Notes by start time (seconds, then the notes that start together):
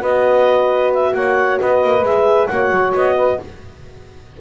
0.00 B3 F#4 B4 D#5
0.93 E5
1.14 A#3 C#5 F#5
1.60 B3 B4 D#5
1.83 A#3
2.02 G#3 G#4 E5
2.47 A#3 F#4 C#5 F#5
2.71 F#3
2.94 B3 D#5
3.15 B4